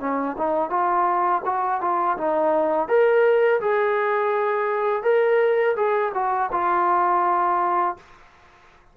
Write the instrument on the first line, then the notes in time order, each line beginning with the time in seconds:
trombone
0.00 C#4
0.38 D#4
0.70 F4
1.45 F#4
1.81 F4
2.18 D#4
2.88 A#4
3.61 G#4
5.03 A#4
5.76 G#4
6.14 F#4
6.52 F4